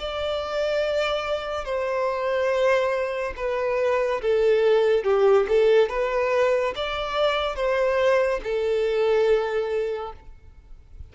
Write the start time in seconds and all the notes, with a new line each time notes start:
0.00 D5
1.65 C5
3.37 B4
4.22 A4
5.04 G4
5.49 A4
5.90 B4
6.76 D5
7.56 C5
8.44 A4